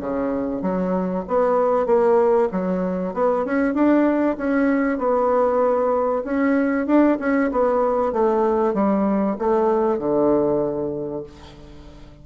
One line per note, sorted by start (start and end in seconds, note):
0.00 0.62 C#3
0.62 1.24 F#3
1.27 1.86 B3
1.86 2.48 A#3
2.52 3.13 F#3
3.13 3.44 B3
3.44 3.74 C#4
3.74 4.36 D4
4.37 4.98 C#4
4.98 6.23 B3
6.24 6.86 C#4
6.86 7.18 D4
7.19 7.50 C#4
7.51 8.12 B3
8.12 8.74 A3
8.74 9.36 G3
9.38 9.98 A3
9.98 11.23 D3